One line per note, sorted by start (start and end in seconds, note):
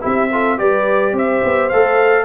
0.00 0.59 C4
0.00 0.28 E4
0.00 0.30 G4
0.00 0.58 E5
0.31 0.57 F4
0.31 0.57 A4
0.57 1.12 G3
0.57 1.70 G4
0.57 1.14 B4
0.57 1.15 D5
1.12 1.41 C4
1.12 2.24 C5
1.12 1.69 E5
1.44 1.72 B3
1.69 2.24 A3
1.69 2.24 A4
1.69 2.24 F5